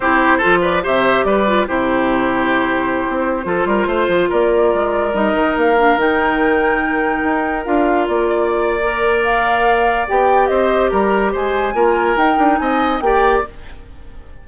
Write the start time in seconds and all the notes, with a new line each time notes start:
0.00 C4 E4 G4 C5
0.37 F4 A4
0.44 F3
0.61 B4 D5
0.83 C3 G4 C5 E5
1.24 G3 B4 D5
1.46 F4
1.67 C3 E4 G4 C5
3.08 C4
3.43 F3 F4 A4
3.65 G3 A#4
3.86 A3 C5
4.08 F3
4.29 A#3 A#4 D5
4.73 G#3
5.13 G3 D#4 D#5
5.34 D#3
5.56 A#3 F5
5.77 D4
5.96 D#3 D#4 G5
7.23 D#4
7.64 D4 F4 F5
8.07 A#3 D5
8.29 D5
8.83 A#4
9.23 F5
10.08 B3 G4 G5
10.47 C4 C5 D#5
10.90 G3 A#4 A#5
11.32 G#3 C5 G#5
11.74 A#3 F4 A#4
12.16 D#4 G5
12.38 D4
12.58 C4 D#5 G#5
13.00 A#3 G4 D5 G5